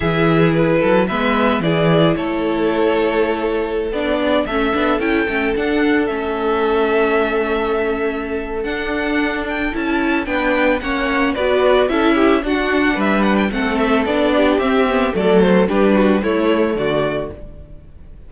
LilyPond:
<<
  \new Staff \with { instrumentName = "violin" } { \time 4/4 \tempo 4 = 111 e''4 b'4 e''4 d''4 | cis''2.~ cis''16 d''8.~ | d''16 e''4 g''4 fis''4 e''8.~ | e''1 |
fis''4. g''8 a''4 g''4 | fis''4 d''4 e''4 fis''4 | e''8 fis''16 g''16 fis''8 e''8 d''4 e''4 | d''8 c''8 b'4 cis''4 d''4 | }
  \new Staff \with { instrumentName = "violin" } { \time 4/4 gis'4. a'8 b'4 gis'4 | a'2.~ a'8. gis'16~ | gis'16 a'2.~ a'8.~ | a'1~ |
a'2. b'4 | cis''4 b'4 a'8 g'8 fis'4 | b'4 a'4. g'4. | a'4 g'8 fis'8 e'4 fis'4 | }
  \new Staff \with { instrumentName = "viola" } { \time 4/4 e'2 b4 e'4~ | e'2.~ e'16 d'8.~ | d'16 cis'8 d'8 e'8 cis'8 d'4 cis'8.~ | cis'1 |
d'2 e'4 d'4 | cis'4 fis'4 e'4 d'4~ | d'4 c'4 d'4 c'8 b8 | a4 d'4 a2 | }
  \new Staff \with { instrumentName = "cello" } { \time 4/4 e4. fis8 gis4 e4 | a2.~ a16 b8.~ | b16 a8 b8 cis'8 a8 d'4 a8.~ | a1 |
d'2 cis'4 b4 | ais4 b4 cis'4 d'4 | g4 a4 b4 c'4 | fis4 g4 a4 d4 | }
>>